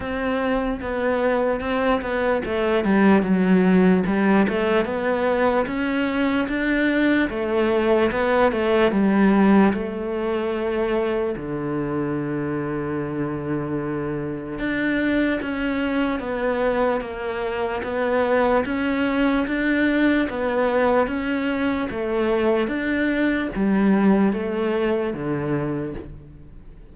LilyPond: \new Staff \with { instrumentName = "cello" } { \time 4/4 \tempo 4 = 74 c'4 b4 c'8 b8 a8 g8 | fis4 g8 a8 b4 cis'4 | d'4 a4 b8 a8 g4 | a2 d2~ |
d2 d'4 cis'4 | b4 ais4 b4 cis'4 | d'4 b4 cis'4 a4 | d'4 g4 a4 d4 | }